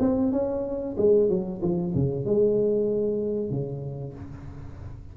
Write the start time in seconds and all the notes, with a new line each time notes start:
0.00 C4
0.32 C#4
0.97 G#3
1.30 F#3
1.62 F3
1.94 C#3
2.25 G#3
3.50 C#3